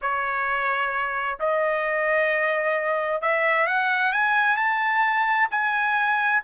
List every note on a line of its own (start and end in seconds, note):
0.01 1.38 C#5
1.39 3.21 D#5
3.21 3.66 E5
3.66 4.12 F#5
4.12 4.57 G#5
4.57 5.48 A5
5.50 6.42 G#5